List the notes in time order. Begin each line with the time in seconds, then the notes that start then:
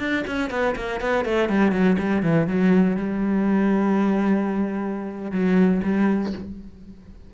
0.00 D4
0.27 C#4
0.50 B3
0.76 A#3
1.01 B3
1.26 A3
1.49 G3
1.72 F#3
1.99 G3
2.23 E3
2.48 F#3
2.97 G3
5.32 F#3
5.84 G3